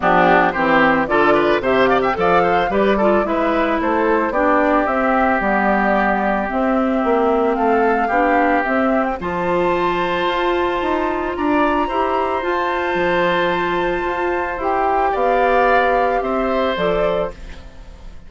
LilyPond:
<<
  \new Staff \with { instrumentName = "flute" } { \time 4/4 \tempo 4 = 111 g'4 c''4 d''4 e''8 f''16 g''16 | f''4 d''4 e''4 c''4 | d''4 e''4 d''2 | e''2 f''2 |
e''8. g''16 a''2.~ | a''4 ais''2 a''4~ | a''2. g''4 | f''2 e''4 d''4 | }
  \new Staff \with { instrumentName = "oboe" } { \time 4/4 d'4 g'4 a'8 b'8 c''8 d''16 e''16 | d''8 c''8 b'8 a'8 b'4 a'4 | g'1~ | g'2 a'4 g'4~ |
g'4 c''2.~ | c''4 d''4 c''2~ | c''1 | d''2 c''2 | }
  \new Staff \with { instrumentName = "clarinet" } { \time 4/4 b4 c'4 f'4 g'4 | a'4 g'8 f'8 e'2 | d'4 c'4 b2 | c'2. d'4 |
c'4 f'2.~ | f'2 g'4 f'4~ | f'2. g'4~ | g'2. a'4 | }
  \new Staff \with { instrumentName = "bassoon" } { \time 4/4 f4 e4 d4 c4 | f4 g4 gis4 a4 | b4 c'4 g2 | c'4 ais4 a4 b4 |
c'4 f2 f'4 | dis'4 d'4 e'4 f'4 | f2 f'4 e'4 | b2 c'4 f4 | }
>>